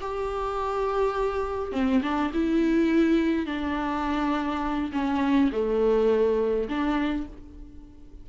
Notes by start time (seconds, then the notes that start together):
0.00 G4
1.72 C4
2.02 D4
2.33 E4
3.46 D4
4.92 C#4
5.51 A3
6.68 D4